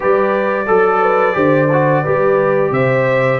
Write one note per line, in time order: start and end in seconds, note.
0.00 0.68 G3
0.00 0.65 G4
0.00 0.66 B4
0.00 2.73 D5
0.66 1.36 F#3
0.66 1.00 A4
0.66 1.33 A4
1.01 1.35 B4
1.33 2.04 D3
1.33 1.67 G4
1.33 2.02 C5
1.72 2.05 F#4
2.02 2.70 G3
2.02 3.39 G4
2.02 2.70 B4
2.70 3.38 C3
2.70 3.39 C5
2.70 3.39 E5